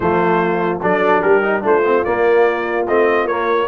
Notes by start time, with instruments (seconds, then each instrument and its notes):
0.00 tuba F3, trombone A3, horn F4, trumpet C5
0.81 tuba F#3, trombone D4, horn A4, trumpet D5
1.21 tuba G3, horn G4, trumpet A#4
1.42 trombone D#4
1.62 tuba A3, trombone D4, horn F4, trumpet C5
1.84 trombone C4
2.04 trombone A#3, tuba A#3, trumpet D5
2.87 tuba A3, trombone C4, trumpet D#5
3.24 tuba A#3, trombone A#3, trumpet C#5